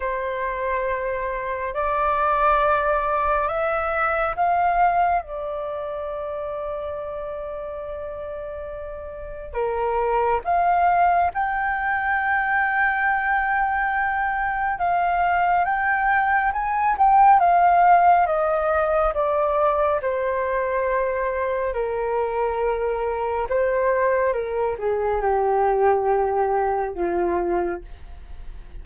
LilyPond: \new Staff \with { instrumentName = "flute" } { \time 4/4 \tempo 4 = 69 c''2 d''2 | e''4 f''4 d''2~ | d''2. ais'4 | f''4 g''2.~ |
g''4 f''4 g''4 gis''8 g''8 | f''4 dis''4 d''4 c''4~ | c''4 ais'2 c''4 | ais'8 gis'8 g'2 f'4 | }